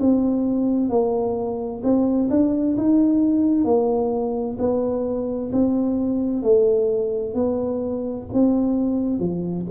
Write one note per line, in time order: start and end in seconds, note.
0.00 0.90 C4
0.90 1.82 A#3
1.84 2.30 C4
2.31 2.77 D4
2.77 3.65 D#4
3.65 4.57 A#3
4.59 5.51 B3
5.53 6.43 C4
6.43 7.35 A3
7.35 8.27 B3
8.33 9.20 C4
9.20 9.66 F3